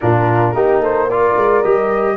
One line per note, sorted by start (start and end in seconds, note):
0.00 0.53 A#2
0.00 0.55 D4
0.00 0.54 F4
0.00 0.80 A#4
0.53 1.35 A#3
0.53 1.09 D#4
0.53 0.80 G4
0.80 1.07 A4
0.80 1.09 C5
1.08 1.64 F4
1.08 2.16 A#4
1.08 1.62 D5
1.36 1.63 G#3
1.62 2.16 G3
1.62 2.16 G4
1.62 2.16 D#5